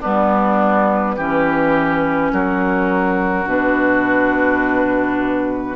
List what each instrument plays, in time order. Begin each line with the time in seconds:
0.00 bassoon G3, clarinet B3, oboe D4, flute B4
1.16 bassoon E3, clarinet C#4, oboe G4
2.32 bassoon F#3, oboe F#4, flute A#4
3.45 bassoon B2, clarinet D4, flute B4